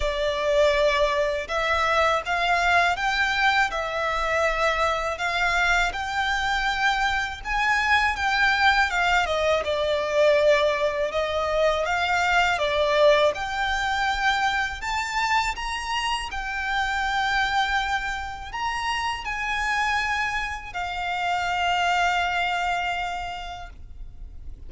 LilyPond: \new Staff \with { instrumentName = "violin" } { \time 4/4 \tempo 4 = 81 d''2 e''4 f''4 | g''4 e''2 f''4 | g''2 gis''4 g''4 | f''8 dis''8 d''2 dis''4 |
f''4 d''4 g''2 | a''4 ais''4 g''2~ | g''4 ais''4 gis''2 | f''1 | }